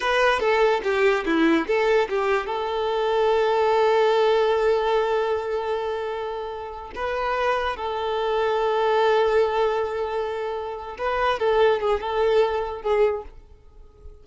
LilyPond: \new Staff \with { instrumentName = "violin" } { \time 4/4 \tempo 4 = 145 b'4 a'4 g'4 e'4 | a'4 g'4 a'2~ | a'1~ | a'1~ |
a'8. b'2 a'4~ a'16~ | a'1~ | a'2~ a'8 b'4 a'8~ | a'8 gis'8 a'2 gis'4 | }